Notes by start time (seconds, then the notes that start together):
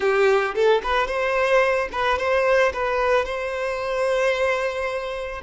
0.00 G4
0.54 A4
0.83 B4
1.07 C5
1.91 B4
2.18 C5
2.73 B4
3.25 C5